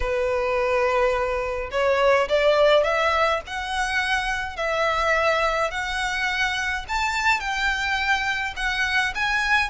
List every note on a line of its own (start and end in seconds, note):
0.00 1.70 B4
1.71 2.28 C#5
2.28 2.83 D5
2.83 3.40 E5
3.46 4.56 F#5
4.56 5.70 E5
5.71 6.85 F#5
6.88 7.39 A5
7.39 8.54 G5
8.56 9.13 F#5
9.14 9.69 G#5